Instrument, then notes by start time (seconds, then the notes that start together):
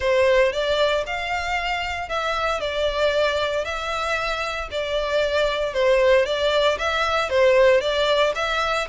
violin
0.00 C5
0.52 D5
1.06 F5
2.08 E5
2.60 D5
3.64 E5
4.71 D5
5.73 C5
6.25 D5
6.78 E5
7.29 C5
7.80 D5
8.35 E5